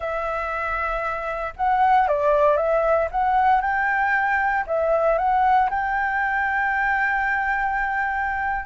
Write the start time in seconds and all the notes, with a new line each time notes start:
0.00 E5
1.56 F#5
2.08 D5
2.57 E5
3.11 F#5
3.61 G5
4.67 E5
5.17 F#5
5.69 G5